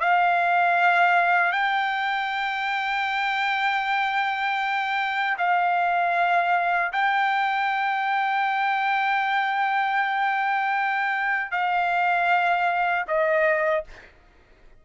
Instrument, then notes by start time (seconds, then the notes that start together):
trumpet
0.00 F5
1.52 G5
5.38 F5
6.92 G5
11.51 F5
13.07 D#5